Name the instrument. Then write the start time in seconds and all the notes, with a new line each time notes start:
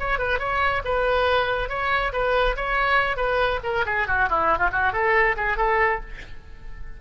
oboe
0.00 C#5
0.19 B4
0.39 C#5
0.85 B4
1.70 C#5
2.13 B4
2.57 C#5
3.17 B4
3.64 A#4
3.86 G#4
4.08 F#4
4.30 E4
4.58 F4
4.73 F#4
4.93 A4
5.37 G#4
5.58 A4